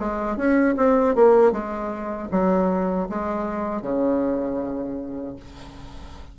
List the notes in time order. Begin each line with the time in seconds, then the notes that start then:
0.00 G#3
0.37 C#4
0.77 C4
1.15 A#3
1.52 G#3
2.32 F#3
3.10 G#3
3.83 C#3